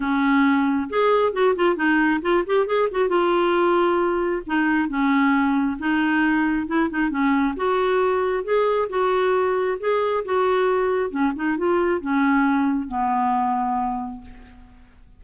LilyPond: \new Staff \with { instrumentName = "clarinet" } { \time 4/4 \tempo 4 = 135 cis'2 gis'4 fis'8 f'8 | dis'4 f'8 g'8 gis'8 fis'8 f'4~ | f'2 dis'4 cis'4~ | cis'4 dis'2 e'8 dis'8 |
cis'4 fis'2 gis'4 | fis'2 gis'4 fis'4~ | fis'4 cis'8 dis'8 f'4 cis'4~ | cis'4 b2. | }